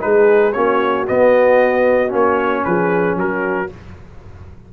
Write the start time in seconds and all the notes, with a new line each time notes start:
0.00 G#3 D#4 G#4 B4
0.53 A#3 C#4 F#4 C#5
1.07 B3 D#5
2.09 A#3 C#4 C#5
2.64 F3 G#4 B4
3.16 F#3 F#4 A#4